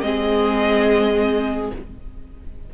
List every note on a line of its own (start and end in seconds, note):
0.00 1.71 G#3
0.00 1.72 C4
0.00 1.73 G#4
0.00 1.69 D#5